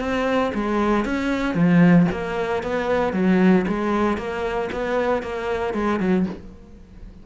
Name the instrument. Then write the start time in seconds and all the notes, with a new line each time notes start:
cello
0.00 C4
0.55 G#3
1.06 C#4
1.55 F3
2.12 A#3
2.63 B3
3.14 F#3
3.68 G#3
4.18 A#3
4.73 B3
5.23 A#3
5.74 G#3
6.00 F#3